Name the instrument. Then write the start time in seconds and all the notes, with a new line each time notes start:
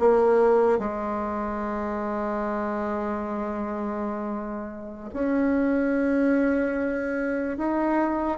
bassoon
0.00 A#3
0.79 G#3
5.14 C#4
7.58 D#4